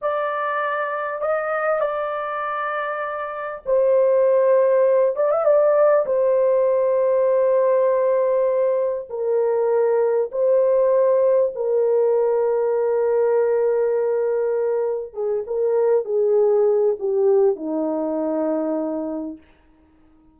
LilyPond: \new Staff \with { instrumentName = "horn" } { \time 4/4 \tempo 4 = 99 d''2 dis''4 d''4~ | d''2 c''2~ | c''8 d''16 e''16 d''4 c''2~ | c''2. ais'4~ |
ais'4 c''2 ais'4~ | ais'1~ | ais'4 gis'8 ais'4 gis'4. | g'4 dis'2. | }